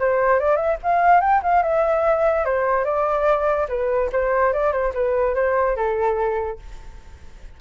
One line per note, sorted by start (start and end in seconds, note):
0.00 0.40 C5
0.40 0.57 D5
0.57 0.77 E5
0.84 1.21 F5
1.21 1.42 G5
1.43 1.63 F5
1.63 2.45 E5
2.45 2.85 C5
2.85 3.68 D5
3.69 4.10 B4
4.12 4.53 C5
4.53 4.73 D5
4.73 4.94 C5
4.95 5.35 B4
5.35 5.77 C5
5.77 6.60 A4